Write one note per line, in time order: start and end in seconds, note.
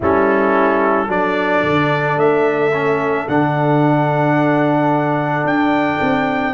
0.00 1.08 G3
0.00 1.07 C#4
0.00 1.07 E4
0.00 1.10 A4
1.07 1.62 F#3
1.07 2.71 D4
1.07 6.52 A4
1.07 2.18 D5
1.63 2.17 D3
2.17 3.26 A3
2.17 3.27 E5
2.73 3.27 C#4
3.28 5.44 D3
3.28 6.53 D4
3.28 5.46 F#5
5.44 5.98 D4
5.44 6.53 G5
6.01 6.53 C4